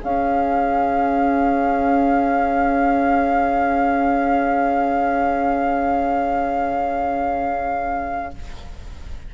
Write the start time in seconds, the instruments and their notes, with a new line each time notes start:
0.00 clarinet C#4, bassoon C#4, oboe G#4, flute F5